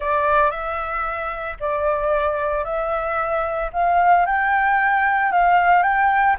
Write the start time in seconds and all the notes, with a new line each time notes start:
0.00 D5
0.50 E5
1.59 D5
2.64 E5
3.72 F5
4.26 G5
5.32 F5
5.82 G5